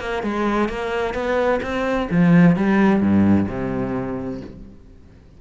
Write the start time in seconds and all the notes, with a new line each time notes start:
0.00 A#3
0.22 G#3
0.69 A#3
1.14 B3
1.62 C4
2.11 F3
2.56 G3
3.01 G2
3.48 C3